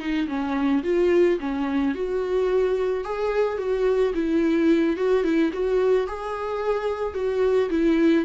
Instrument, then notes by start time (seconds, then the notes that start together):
viola
0.00 D#4
0.28 C#4
0.84 F4
1.40 C#4
1.95 F#4
3.04 G#4
3.58 F#4
4.15 E4
4.97 F#4
5.24 E4
5.53 F#4
6.07 G#4
7.14 F#4
7.70 E4